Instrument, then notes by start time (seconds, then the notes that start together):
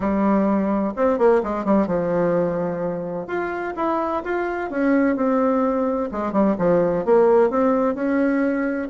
bassoon
0.00 G3
0.95 C4
1.18 A#3
1.43 G#3
1.64 G3
1.86 F3
3.27 F4
3.76 E4
4.24 F4
4.70 C#4
5.15 C4
6.11 G#3
6.32 G3
6.58 F3
7.05 A#3
7.50 C4
7.95 C#4